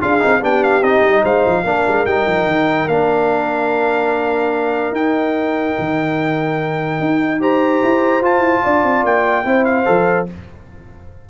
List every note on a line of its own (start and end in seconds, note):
0.00 0.23 D4
0.00 0.20 F4
0.00 0.41 G#4
0.00 0.42 F5
0.20 0.42 C4
0.20 0.40 D#4
0.41 0.82 B3
0.41 0.82 D4
0.41 1.23 G4
0.41 0.63 G5
0.63 0.83 F5
0.82 1.01 C4
0.82 1.65 D#4
0.82 1.24 D#5
1.01 1.21 G3
1.23 1.45 G#3
1.23 1.64 C5
1.23 2.06 F5
1.46 1.64 F3
1.64 1.85 A#3
1.64 2.06 D4
1.64 7.41 A#4
1.87 2.05 G#3
2.05 2.26 G3
2.05 2.89 D#4
2.05 2.88 G5
2.27 2.46 F3
2.46 2.87 D#3
2.87 4.91 A#3
2.87 4.95 D4
2.87 4.93 F5
4.91 5.74 D#4
4.91 7.39 D#4
4.91 7.41 G5
5.78 6.99 D#3
6.99 7.82 D#4
7.39 8.22 G4
7.39 8.63 C5
7.39 8.24 A#5
7.83 8.21 E4
8.21 8.39 F4
8.21 9.44 F4
8.21 9.05 A5
8.39 8.59 E4
8.63 8.83 D4
8.63 9.45 D5
8.83 9.04 C4
9.04 9.45 A#3
9.04 9.64 G5
9.44 9.86 C4
9.44 9.85 E4
9.44 10.29 C5
9.64 10.26 F5
9.85 10.29 F3
9.85 10.26 A4